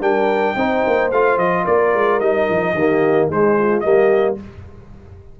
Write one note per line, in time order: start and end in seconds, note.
0.00 0.55 G3
0.00 0.55 D4
0.00 0.55 A#4
0.00 1.11 G5
0.55 0.83 C4
0.55 1.12 D#4
0.55 1.63 C5
0.86 1.11 A#3
1.11 1.37 A3
1.11 2.21 F4
1.11 1.38 F5
1.37 1.64 F3
1.37 1.65 D#5
1.63 1.94 A#3
1.63 2.72 A#4
1.63 2.20 D5
1.94 2.20 G#3
2.20 2.47 G3
2.20 2.75 D#4
2.20 3.29 D#5
2.49 2.73 F3
2.73 3.28 D#3
2.73 3.31 A#3
2.73 3.29 G4
3.29 3.83 G#3
3.29 3.82 G#3
3.29 3.56 D#4
3.29 3.80 C5
3.58 3.85 F4
3.80 4.38 G3
3.80 4.36 A#3
3.80 4.40 G4
3.80 4.34 D#5